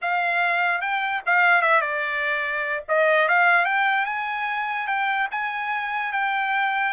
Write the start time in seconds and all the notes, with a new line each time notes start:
0.01 F5
0.81 G5
1.26 F5
1.61 E5
1.81 D5
2.88 D#5
3.28 F5
3.65 G5
4.05 G#5
4.87 G5
5.31 G#5
6.12 G5